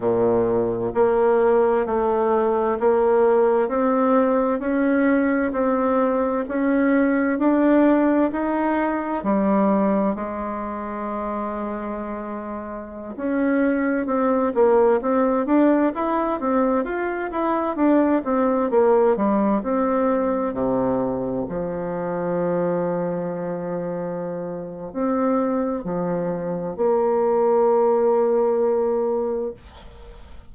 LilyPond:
\new Staff \with { instrumentName = "bassoon" } { \time 4/4 \tempo 4 = 65 ais,4 ais4 a4 ais4 | c'4 cis'4 c'4 cis'4 | d'4 dis'4 g4 gis4~ | gis2~ gis16 cis'4 c'8 ais16~ |
ais16 c'8 d'8 e'8 c'8 f'8 e'8 d'8 c'16~ | c'16 ais8 g8 c'4 c4 f8.~ | f2. c'4 | f4 ais2. | }